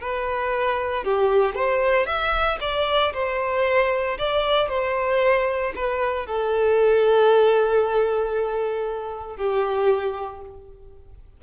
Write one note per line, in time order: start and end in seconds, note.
0.00 1.04 B4
1.04 1.55 G4
1.55 2.06 C5
2.06 2.58 E5
2.60 3.12 D5
3.13 4.17 C5
4.18 4.68 D5
4.68 5.72 C5
5.75 6.26 B4
6.26 9.36 A4
9.36 10.41 G4